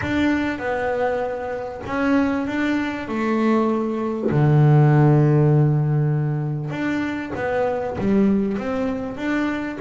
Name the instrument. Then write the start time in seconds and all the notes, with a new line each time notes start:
double bass
0.01 D4
0.58 B3
1.86 C#4
2.46 D4
3.08 A3
4.30 D3
6.70 D4
7.35 B3
7.98 G3
8.57 C4
9.16 D4